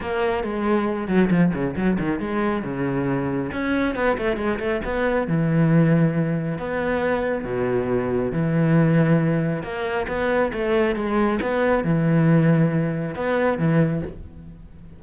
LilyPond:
\new Staff \with { instrumentName = "cello" } { \time 4/4 \tempo 4 = 137 ais4 gis4. fis8 f8 cis8 | fis8 dis8 gis4 cis2 | cis'4 b8 a8 gis8 a8 b4 | e2. b4~ |
b4 b,2 e4~ | e2 ais4 b4 | a4 gis4 b4 e4~ | e2 b4 e4 | }